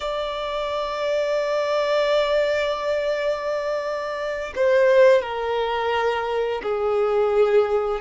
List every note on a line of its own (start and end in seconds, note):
0.00 4.53 D5
4.55 5.22 C5
5.22 6.61 A#4
6.62 8.00 G#4